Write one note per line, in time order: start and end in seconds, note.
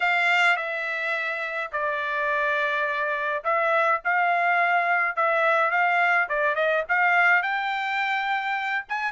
0.00 0.56 F5
0.56 1.70 E5
1.72 3.43 D5
3.44 4.01 E5
4.04 5.16 F5
5.16 5.71 E5
5.71 6.28 F5
6.29 6.55 D5
6.55 6.84 D#5
6.89 7.42 F5
7.42 8.85 G5
8.89 9.12 G#5